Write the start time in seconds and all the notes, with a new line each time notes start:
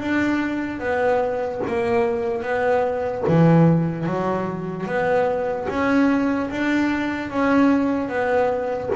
0.00 D4
0.80 B3
1.67 A#3
2.43 B3
3.28 E3
4.07 F#3
4.87 B3
5.69 C#4
6.50 D4
7.30 C#4
8.09 B3